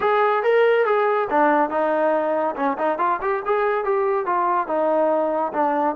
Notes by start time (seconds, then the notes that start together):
0.00 G#4
0.43 A#4
0.85 G#4
1.30 D4
1.70 D#4
2.55 C#4
2.78 D#4
2.98 F4
3.21 G4
3.45 G#4
3.84 G4
4.26 F4
4.67 D#4
5.53 D4